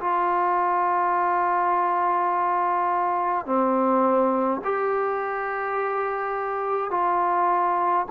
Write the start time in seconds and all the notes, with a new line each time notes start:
0.00 F4
3.46 C4
4.64 G4
6.91 F4